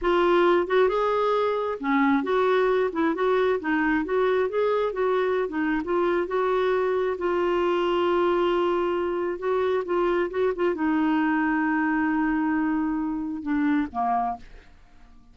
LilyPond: \new Staff \with { instrumentName = "clarinet" } { \time 4/4 \tempo 4 = 134 f'4. fis'8 gis'2 | cis'4 fis'4. e'8 fis'4 | dis'4 fis'4 gis'4 fis'4~ | fis'16 dis'8. f'4 fis'2 |
f'1~ | f'4 fis'4 f'4 fis'8 f'8 | dis'1~ | dis'2 d'4 ais4 | }